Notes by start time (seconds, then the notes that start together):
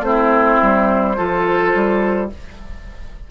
0.00 A3 C4 E4 C5
0.62 G3
1.16 F3 F4 A4
1.74 G3